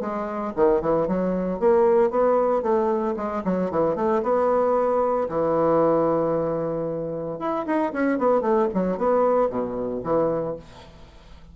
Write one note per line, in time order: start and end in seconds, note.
0.00 0.53 G#3
0.56 0.81 D#3
0.81 1.07 E3
1.07 1.59 F#3
1.59 2.10 A#3
2.10 2.62 B3
2.62 3.15 A3
3.16 3.43 G#3
3.44 3.71 F#3
3.71 3.95 E3
3.95 4.22 A3
4.22 5.28 B3
5.29 7.39 E3
7.39 7.65 E4
7.66 7.92 D#4
7.92 8.18 C#4
8.18 8.41 B3
8.41 8.67 A3
8.74 8.97 F#3
8.97 9.49 B3
9.49 10.02 B2
10.03 10.56 E3